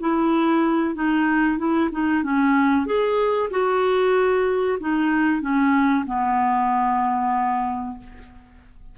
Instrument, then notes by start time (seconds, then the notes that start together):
clarinet
0.00 E4
0.95 D#4
1.58 E4
1.92 D#4
2.23 C#4
2.86 G#4
3.50 F#4
4.80 D#4
5.41 C#4
6.06 B3